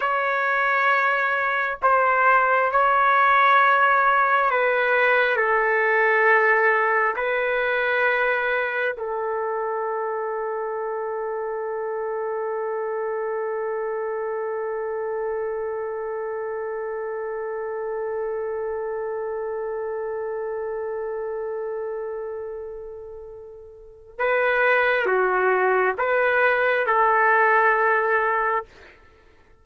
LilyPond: \new Staff \with { instrumentName = "trumpet" } { \time 4/4 \tempo 4 = 67 cis''2 c''4 cis''4~ | cis''4 b'4 a'2 | b'2 a'2~ | a'1~ |
a'1~ | a'1~ | a'2. b'4 | fis'4 b'4 a'2 | }